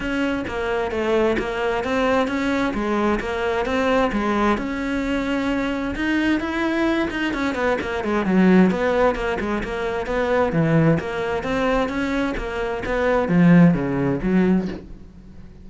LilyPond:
\new Staff \with { instrumentName = "cello" } { \time 4/4 \tempo 4 = 131 cis'4 ais4 a4 ais4 | c'4 cis'4 gis4 ais4 | c'4 gis4 cis'2~ | cis'4 dis'4 e'4. dis'8 |
cis'8 b8 ais8 gis8 fis4 b4 | ais8 gis8 ais4 b4 e4 | ais4 c'4 cis'4 ais4 | b4 f4 cis4 fis4 | }